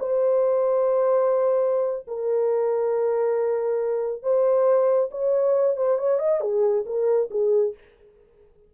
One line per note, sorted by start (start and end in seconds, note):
0.00 2.07 C5
2.08 4.23 A#4
4.23 5.10 C5
5.12 5.77 C#5
5.77 5.99 C5
5.99 6.19 C#5
6.19 6.41 D#5
6.41 6.85 G#4
6.86 7.30 A#4
7.31 7.75 G#4